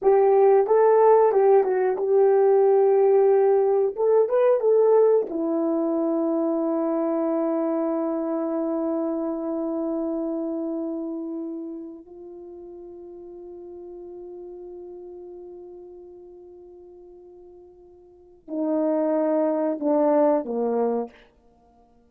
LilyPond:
\new Staff \with { instrumentName = "horn" } { \time 4/4 \tempo 4 = 91 g'4 a'4 g'8 fis'8 g'4~ | g'2 a'8 b'8 a'4 | e'1~ | e'1~ |
e'2~ e'16 f'4.~ f'16~ | f'1~ | f'1 | dis'2 d'4 ais4 | }